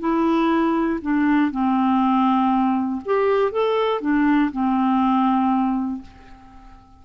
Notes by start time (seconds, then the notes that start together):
0.00 E4
1.02 D4
1.52 C4
3.05 G4
3.52 A4
4.01 D4
4.52 C4